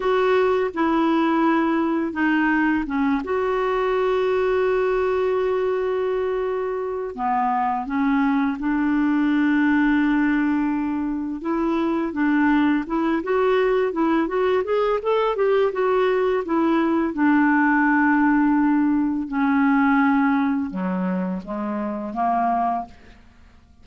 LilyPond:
\new Staff \with { instrumentName = "clarinet" } { \time 4/4 \tempo 4 = 84 fis'4 e'2 dis'4 | cis'8 fis'2.~ fis'8~ | fis'2 b4 cis'4 | d'1 |
e'4 d'4 e'8 fis'4 e'8 | fis'8 gis'8 a'8 g'8 fis'4 e'4 | d'2. cis'4~ | cis'4 fis4 gis4 ais4 | }